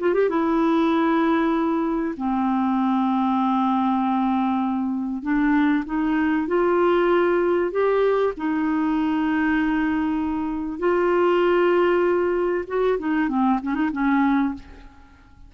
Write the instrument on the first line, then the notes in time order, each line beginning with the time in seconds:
clarinet
0.00 F4
0.14 G4
0.30 E4
2.17 C4
5.23 D4
5.86 D#4
6.48 F4
7.72 G4
8.38 D#4
10.79 F4
12.67 F#4
12.99 D#4
13.29 C4
13.63 C#4
13.75 D#4
13.93 C#4